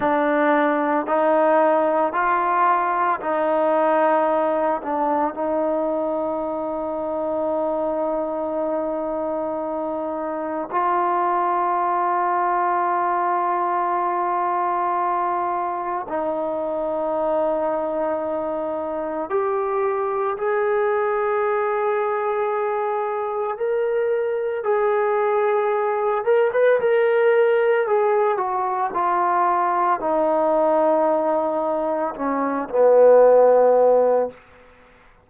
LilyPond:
\new Staff \with { instrumentName = "trombone" } { \time 4/4 \tempo 4 = 56 d'4 dis'4 f'4 dis'4~ | dis'8 d'8 dis'2.~ | dis'2 f'2~ | f'2. dis'4~ |
dis'2 g'4 gis'4~ | gis'2 ais'4 gis'4~ | gis'8 ais'16 b'16 ais'4 gis'8 fis'8 f'4 | dis'2 cis'8 b4. | }